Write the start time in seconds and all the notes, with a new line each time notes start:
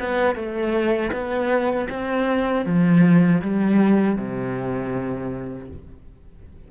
0.00 B3
0.36 A3
1.13 B3
1.90 C4
2.66 F3
3.42 G3
4.17 C3